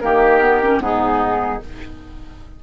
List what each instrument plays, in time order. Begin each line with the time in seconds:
0.00 bassoon D#3, clarinet A#3, oboe G4, flute A#4
0.41 clarinet B3
0.62 clarinet C#4
0.79 bassoon G#2, clarinet B3, oboe D#4, flute G#4